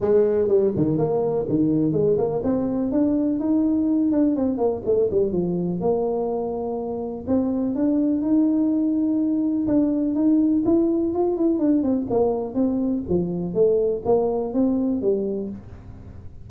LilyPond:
\new Staff \with { instrumentName = "tuba" } { \time 4/4 \tempo 4 = 124 gis4 g8 dis8 ais4 dis4 | gis8 ais8 c'4 d'4 dis'4~ | dis'8 d'8 c'8 ais8 a8 g8 f4 | ais2. c'4 |
d'4 dis'2. | d'4 dis'4 e'4 f'8 e'8 | d'8 c'8 ais4 c'4 f4 | a4 ais4 c'4 g4 | }